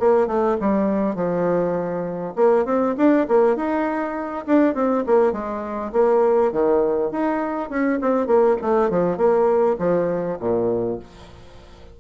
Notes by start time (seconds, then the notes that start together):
0.00 A#3
0.28 A3
0.61 G3
1.16 F3
2.36 A#3
2.66 C4
2.97 D4
3.28 A#3
3.56 D#4
4.47 D4
4.75 C4
5.07 A#3
5.33 G#3
5.93 A#3
6.52 D#3
7.12 D#4
7.70 C#4
8.01 C4
8.27 A#3
8.62 A3
8.90 F3
9.18 A#3
9.79 F3
10.40 A#2